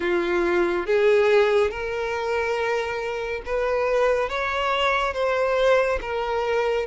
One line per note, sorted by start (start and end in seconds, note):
0.00 0.86 F4
0.86 1.70 G#4
1.70 3.42 A#4
3.45 4.29 B4
4.29 5.13 C#5
5.13 5.99 C5
6.01 6.86 A#4